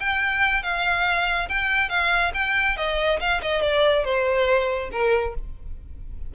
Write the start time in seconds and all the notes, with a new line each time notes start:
0.00 G5
0.63 F5
1.49 G5
1.89 F5
2.34 G5
2.77 D#5
3.20 F5
3.42 D#5
3.62 D5
4.04 C5
4.91 A#4